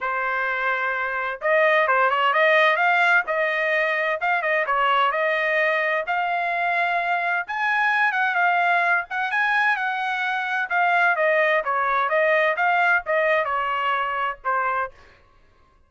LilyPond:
\new Staff \with { instrumentName = "trumpet" } { \time 4/4 \tempo 4 = 129 c''2. dis''4 | c''8 cis''8 dis''4 f''4 dis''4~ | dis''4 f''8 dis''8 cis''4 dis''4~ | dis''4 f''2. |
gis''4. fis''8 f''4. fis''8 | gis''4 fis''2 f''4 | dis''4 cis''4 dis''4 f''4 | dis''4 cis''2 c''4 | }